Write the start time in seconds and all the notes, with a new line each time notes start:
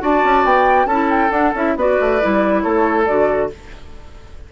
0.00 D4 F#4 D5 A5
0.24 C#4
0.45 B3 G5
0.86 C#4 E4 A4 A5
1.10 G5
1.29 D4 F#5
1.55 C#4 E4 E5
1.76 B3 F#4 B4 D5
2.01 A3
2.21 G3 E4
2.61 A3 A4 C#5
3.06 D3 F#4 D5